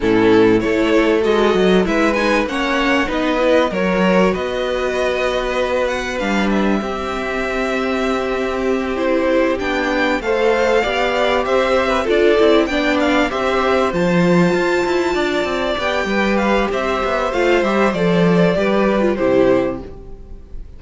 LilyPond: <<
  \new Staff \with { instrumentName = "violin" } { \time 4/4 \tempo 4 = 97 a'4 cis''4 dis''4 e''8 gis''8 | fis''4 dis''4 cis''4 dis''4~ | dis''4. fis''8 f''8 e''4.~ | e''2~ e''8 c''4 g''8~ |
g''8 f''2 e''4 d''8~ | d''8 g''8 f''8 e''4 a''4.~ | a''4. g''4 f''8 e''4 | f''8 e''8 d''2 c''4 | }
  \new Staff \with { instrumentName = "violin" } { \time 4/4 e'4 a'2 b'4 | cis''4 b'4 ais'4 b'4~ | b'2. g'4~ | g'1~ |
g'8 c''4 d''4 c''8. b'16 a'8~ | a'8 d''4 c''2~ c''8~ | c''8 d''4. b'4 c''4~ | c''2 b'4 g'4 | }
  \new Staff \with { instrumentName = "viola" } { \time 4/4 cis'4 e'4 fis'4 e'8 dis'8 | cis'4 dis'8 e'8 fis'2~ | fis'2 d'4 c'4~ | c'2~ c'8 e'4 d'8~ |
d'8 a'4 g'2 f'8 | e'8 d'4 g'4 f'4.~ | f'4. g'2~ g'8 | f'8 g'8 a'4 g'8. f'16 e'4 | }
  \new Staff \with { instrumentName = "cello" } { \time 4/4 a,4 a4 gis8 fis8 gis4 | ais4 b4 fis4 b4~ | b2 g4 c'4~ | c'2.~ c'8 b8~ |
b8 a4 b4 c'4 d'8 | c'8 b4 c'4 f4 f'8 | e'8 d'8 c'8 b8 g4 c'8 b8 | a8 g8 f4 g4 c4 | }
>>